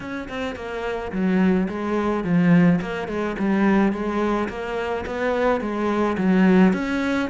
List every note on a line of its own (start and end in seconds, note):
0.00 0.28 C#4
0.28 0.55 C4
0.55 1.11 A#3
1.12 1.68 F#3
1.68 2.24 G#3
2.24 2.80 F3
2.81 3.07 A#3
3.07 3.35 G#3
3.38 3.92 G3
3.92 4.48 G#3
4.48 5.04 A#3
5.06 5.60 B3
5.60 6.16 G#3
6.17 6.73 F#3
6.73 7.29 C#4